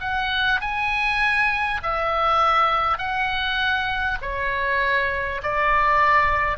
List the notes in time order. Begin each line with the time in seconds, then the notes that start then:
0.00 F#5
0.61 G#5
1.82 E5
2.98 F#5
4.21 C#5
5.42 D5